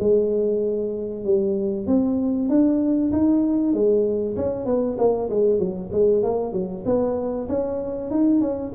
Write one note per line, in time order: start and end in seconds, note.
0.00 1.25 G#3
1.25 1.87 G3
1.87 2.49 C4
2.50 3.12 D4
3.13 3.74 D#4
3.74 4.36 G#3
4.37 4.66 C#4
4.66 4.97 B3
4.99 5.30 A#3
5.30 5.59 G#3
5.59 5.91 F#3
5.93 6.24 G#3
6.24 6.53 A#3
6.53 6.84 F#3
6.86 7.48 B3
7.49 8.11 C#4
8.11 8.41 D#4
8.41 8.73 C#4